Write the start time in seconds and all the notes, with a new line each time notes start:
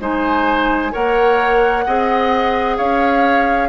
0.00 G#3 D#4 C5 G#5
0.91 A#3 A#4 C#5 F#5
1.86 C4 G#4 D#5
2.76 C#4 C#5 F5